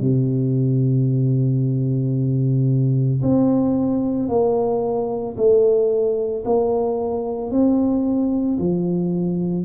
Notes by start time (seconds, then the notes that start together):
0.00 C3
3.22 C4
4.29 A#3
5.37 A3
6.45 A#3
7.51 C4
8.59 F3